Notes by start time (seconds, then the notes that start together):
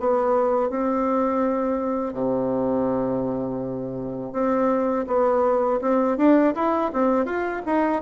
0.00 B3
0.70 C4
2.14 C3
4.33 C4
5.08 B3
5.82 C4
6.18 D4
6.55 E4
6.93 C4
7.25 F4
7.66 D#4